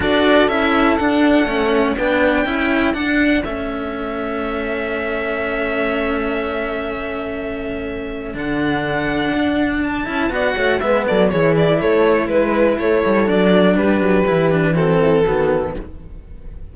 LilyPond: <<
  \new Staff \with { instrumentName = "violin" } { \time 4/4 \tempo 4 = 122 d''4 e''4 fis''2 | g''2 fis''4 e''4~ | e''1~ | e''1~ |
e''4 fis''2. | a''4 fis''4 e''8 d''8 cis''8 d''8 | cis''4 b'4 cis''4 d''4 | b'2 a'2 | }
  \new Staff \with { instrumentName = "horn" } { \time 4/4 a'1 | b'4 a'2.~ | a'1~ | a'1~ |
a'1~ | a'4 d''8 cis''8 b'8 a'8 gis'4 | a'4 b'4 a'2 | g'2 fis'8 e'8 fis'4 | }
  \new Staff \with { instrumentName = "cello" } { \time 4/4 fis'4 e'4 d'4 cis'4 | d'4 e'4 d'4 cis'4~ | cis'1~ | cis'1~ |
cis'4 d'2.~ | d'8 e'8 fis'4 b4 e'4~ | e'2. d'4~ | d'4 e'8 d'8 c'4 b4 | }
  \new Staff \with { instrumentName = "cello" } { \time 4/4 d'4 cis'4 d'4 a4 | b4 cis'4 d'4 a4~ | a1~ | a1~ |
a4 d2 d'4~ | d'8 cis'8 b8 a8 gis8 fis8 e4 | a4 gis4 a8 g8 fis4 | g8 fis8 e2 dis4 | }
>>